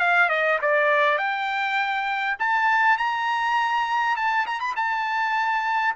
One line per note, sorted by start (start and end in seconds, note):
0.00 0.29 F5
0.29 0.59 D#5
0.62 1.18 D5
1.18 2.37 G5
2.39 2.98 A5
2.98 4.16 A#5
4.16 4.46 A5
4.47 4.60 A#5
4.60 4.75 B5
4.76 5.95 A5